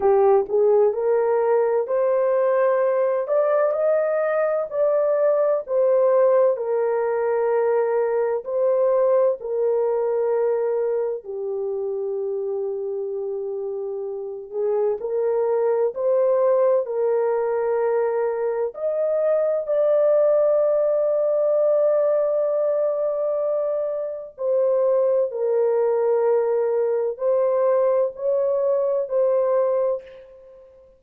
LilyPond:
\new Staff \with { instrumentName = "horn" } { \time 4/4 \tempo 4 = 64 g'8 gis'8 ais'4 c''4. d''8 | dis''4 d''4 c''4 ais'4~ | ais'4 c''4 ais'2 | g'2.~ g'8 gis'8 |
ais'4 c''4 ais'2 | dis''4 d''2.~ | d''2 c''4 ais'4~ | ais'4 c''4 cis''4 c''4 | }